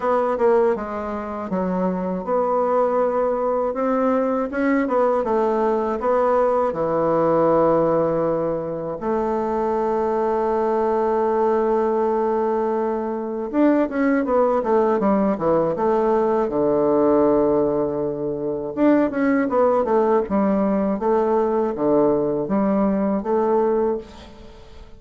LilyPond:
\new Staff \with { instrumentName = "bassoon" } { \time 4/4 \tempo 4 = 80 b8 ais8 gis4 fis4 b4~ | b4 c'4 cis'8 b8 a4 | b4 e2. | a1~ |
a2 d'8 cis'8 b8 a8 | g8 e8 a4 d2~ | d4 d'8 cis'8 b8 a8 g4 | a4 d4 g4 a4 | }